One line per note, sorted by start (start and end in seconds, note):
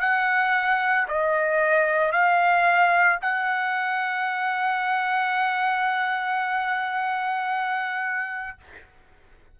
0.00 1.07 F#5
1.08 2.12 D#5
2.12 3.19 F5
3.22 8.58 F#5